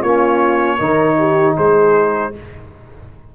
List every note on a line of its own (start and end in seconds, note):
0.00 0.79 A#3
0.00 0.79 C#4
0.00 0.77 F4
0.00 1.56 C#5
0.77 1.57 D#3
0.77 2.33 D#4
0.77 1.16 A#4
1.18 1.56 G4
1.56 2.35 G#3
1.56 2.33 G#4
1.56 2.34 C5